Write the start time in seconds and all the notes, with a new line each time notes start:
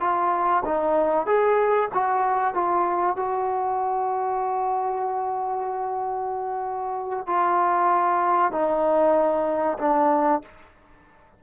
0.00 F4
0.65 D#4
1.26 G#4
1.94 F#4
2.54 F4
3.16 F#4
7.27 F4
8.51 D#4
9.78 D4